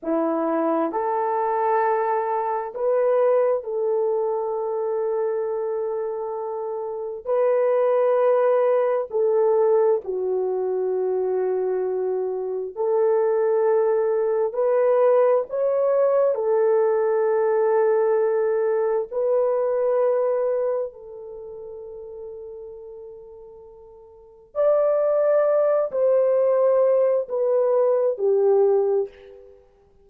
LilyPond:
\new Staff \with { instrumentName = "horn" } { \time 4/4 \tempo 4 = 66 e'4 a'2 b'4 | a'1 | b'2 a'4 fis'4~ | fis'2 a'2 |
b'4 cis''4 a'2~ | a'4 b'2 a'4~ | a'2. d''4~ | d''8 c''4. b'4 g'4 | }